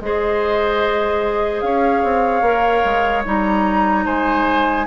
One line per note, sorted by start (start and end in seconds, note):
0.00 1.62 G#3
0.00 2.43 G#4
0.00 1.65 C5
0.00 1.60 D#5
1.60 2.03 C#4
1.60 4.05 C#5
1.60 3.22 F5
2.03 2.41 C4
2.41 2.82 A#3
2.41 3.24 A#4
2.84 3.25 G#3
3.25 4.06 G3
3.25 4.86 D#4
3.25 4.06 A#5
4.05 4.86 G#3
4.05 4.86 C5
4.05 4.86 G#5